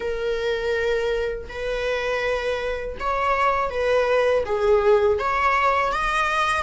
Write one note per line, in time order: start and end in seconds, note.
0.00 1.48 A#4
1.48 2.97 B4
2.99 3.69 C#5
3.69 4.43 B4
4.45 5.18 G#4
5.18 5.92 C#5
5.92 6.62 D#5